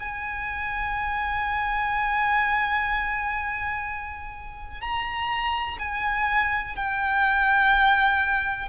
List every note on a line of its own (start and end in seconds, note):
0.00 4.82 G#5
4.82 5.78 A#5
5.79 6.76 G#5
6.76 8.69 G5